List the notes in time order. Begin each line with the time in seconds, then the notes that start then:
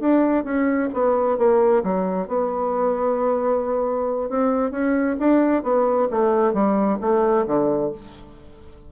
0.00 D4
0.44 C#4
0.93 B3
1.38 A#3
1.83 F#3
2.28 B3
4.30 C4
4.71 C#4
5.20 D4
5.63 B3
6.11 A3
6.53 G3
7.01 A3
7.47 D3